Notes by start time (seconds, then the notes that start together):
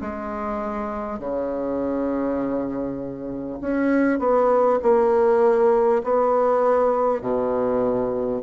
0.00 G#3
1.19 C#3
3.60 C#4
4.19 B3
4.82 A#3
6.03 B3
7.21 B2